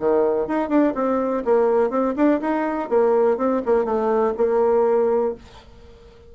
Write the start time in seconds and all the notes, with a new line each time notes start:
0.00 D#3
0.47 D#4
0.69 D4
0.95 C4
1.45 A#3
1.90 C4
2.16 D4
2.41 D#4
2.90 A#3
3.38 C4
3.66 A#3
3.85 A3
4.37 A#3